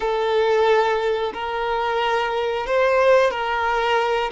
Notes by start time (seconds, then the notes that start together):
0.00 A4
1.33 A#4
2.66 C5
3.30 A#4